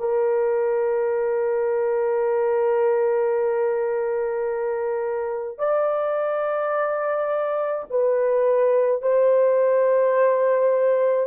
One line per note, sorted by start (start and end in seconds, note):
0.00 5.59 A#4
5.59 7.85 D5
7.90 9.03 B4
9.03 11.27 C5